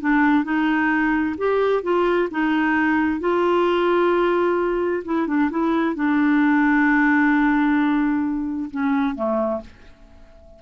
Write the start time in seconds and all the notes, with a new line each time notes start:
0.00 D4
0.44 D#4
1.37 G4
1.83 F4
2.31 D#4
3.20 F4
5.05 E4
5.27 D4
5.50 E4
5.95 D4
8.71 C#4
9.15 A3